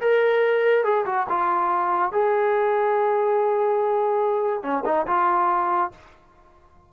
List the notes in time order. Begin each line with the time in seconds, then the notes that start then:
0.00 A#4
0.84 G#4
1.05 F#4
1.29 F4
2.12 G#4
4.62 C#4
4.85 D#4
5.06 F4